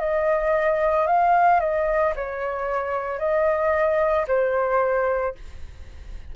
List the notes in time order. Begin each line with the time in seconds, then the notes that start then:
0.00 D#5
1.07 F5
1.60 D#5
2.16 C#5
3.19 D#5
4.28 C5